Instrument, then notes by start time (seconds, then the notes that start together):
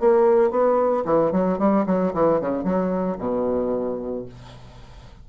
bassoon
0.00 A#3
0.51 B3
1.05 E3
1.32 F#3
1.59 G3
1.87 F#3
2.14 E3
2.41 C#3
2.64 F#3
3.18 B2